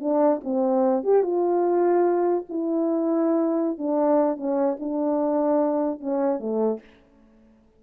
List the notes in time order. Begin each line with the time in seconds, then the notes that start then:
0.00 D4
0.44 C4
1.04 G4
1.23 F4
2.49 E4
3.78 D4
4.37 C#4
4.80 D4
6.00 C#4
6.39 A3